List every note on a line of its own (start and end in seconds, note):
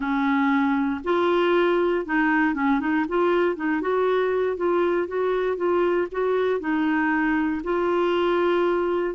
0.00 1.01 C#4
1.04 2.05 F4
2.05 2.54 D#4
2.54 2.80 C#4
2.80 3.05 D#4
3.08 3.56 F4
3.56 3.81 D#4
3.81 4.56 F#4
4.56 5.07 F4
5.07 5.57 F#4
5.57 6.07 F4
6.11 6.60 F#4
6.60 7.61 D#4
7.63 9.14 F4